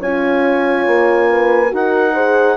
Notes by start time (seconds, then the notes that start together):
0.00 C#4 F4 C#5 G#5
0.87 A#3
1.30 B4
1.68 D#4 F#4 A#4
1.74 F#5
2.14 G#4 C5